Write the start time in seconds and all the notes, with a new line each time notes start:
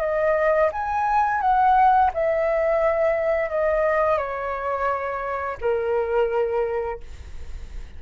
0.00 D#5
0.72 G#5
1.40 F#5
2.13 E5
3.49 D#5
4.17 C#5
5.60 A#4